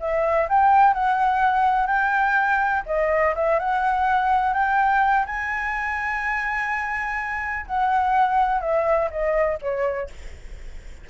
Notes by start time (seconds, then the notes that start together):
0.00 E5
0.48 G5
0.94 F#5
1.87 G5
2.86 D#5
3.35 E5
3.59 F#5
4.54 G5
5.26 G#5
7.66 F#5
8.61 E5
9.10 D#5
9.61 C#5